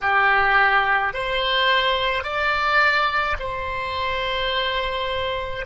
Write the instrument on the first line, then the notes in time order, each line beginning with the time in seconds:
oboe
0.01 G4
1.13 C5
2.23 D5
3.39 C5